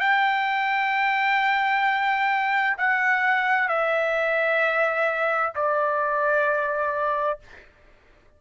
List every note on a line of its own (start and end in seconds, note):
0.00 2.77 G5
2.78 3.69 F#5
3.69 5.53 E5
5.56 7.40 D5